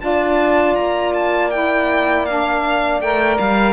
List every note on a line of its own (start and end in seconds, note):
0.00 0.78 D4
0.00 1.50 F4
0.00 3.73 D5
0.00 0.75 A5
0.75 3.00 A#3
0.75 1.12 A#5
1.14 1.50 A5
1.50 2.27 E4
1.50 2.25 G5
2.26 3.03 D4
2.26 3.01 F5
3.00 3.38 A3
3.00 3.73 A#4
3.00 3.38 G5
3.38 3.73 G3
3.38 3.73 F5